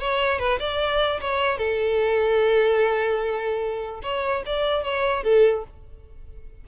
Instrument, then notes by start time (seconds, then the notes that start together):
violin
0.00 C#5
0.39 B4
0.60 D5
1.21 C#5
1.58 A4
4.03 C#5
4.46 D5
4.84 C#5
5.24 A4